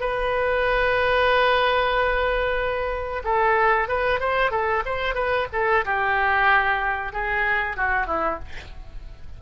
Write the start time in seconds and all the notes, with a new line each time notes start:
0.00 B4
3.24 A4
3.88 B4
4.20 C5
4.51 A4
4.85 C5
5.15 B4
5.52 A4
5.85 G4
7.13 G#4
7.77 F#4
8.06 E4